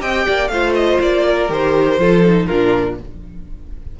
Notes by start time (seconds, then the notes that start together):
0.00 C4 G4 D#5 G5
0.27 A#3 D5
0.48 A3 F4 C5 F5
0.75 D#5
1.01 A#3 D5
1.26 A#4
1.49 D#3 G4 C5
1.98 F3 F4 A4
2.25 D#4
2.46 A#2 D4 F4 A#4